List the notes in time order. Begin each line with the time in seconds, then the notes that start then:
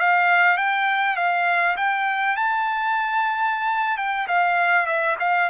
0.00 F5
0.58 G5
1.17 F5
1.77 G5
2.37 A5
3.98 G5
4.28 F5
4.87 E5
5.20 F5